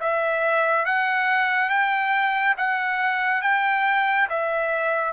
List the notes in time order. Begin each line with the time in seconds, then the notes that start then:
0.00 E5
0.85 F#5
1.69 G5
2.57 F#5
3.42 G5
4.29 E5